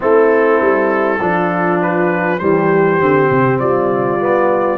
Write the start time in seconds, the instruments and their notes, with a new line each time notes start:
0.00 tuba A3, trombone C4, horn E4, trumpet A4
0.60 tuba G3
1.20 tuba F3, trombone D4, horn F4
1.82 trumpet B4
2.39 tuba E3, trombone G3, horn G4, trumpet C5
2.99 tuba D3, trombone C4
3.31 tuba C3
3.59 tuba G3, horn F4, trumpet D5
4.19 trombone B3